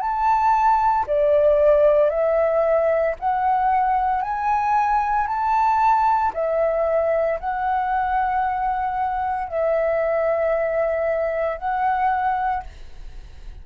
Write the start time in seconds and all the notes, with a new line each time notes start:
0.00 A5
1.07 D5
2.10 E5
3.19 F#5
4.22 G#5
5.27 A5
6.34 E5
7.40 F#5
9.48 E5
11.57 F#5